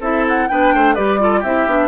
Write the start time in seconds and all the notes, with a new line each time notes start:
0.00 C4 E4 A4 E5
0.28 F#5
0.48 B3 D4 B4 G5
0.74 A3 C5
0.95 G3 G4 B4 D5
1.19 F4 A4
1.40 C4 E4 G4 E5
1.66 B3 D4